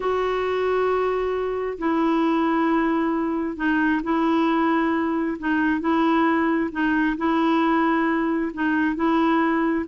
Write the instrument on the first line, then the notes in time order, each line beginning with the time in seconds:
clarinet
0.00 F#4
1.78 E4
3.56 D#4
4.03 E4
5.38 D#4
5.80 E4
6.71 D#4
7.17 E4
8.53 D#4
8.95 E4